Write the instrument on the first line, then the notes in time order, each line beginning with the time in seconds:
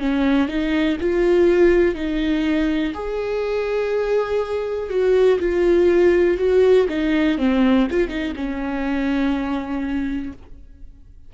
viola
0.00 C#4
0.49 D#4
1.01 F4
1.95 D#4
2.95 G#4
4.90 F#4
5.40 F4
6.38 F#4
6.89 D#4
7.39 C4
7.91 F4
8.09 D#4
8.36 C#4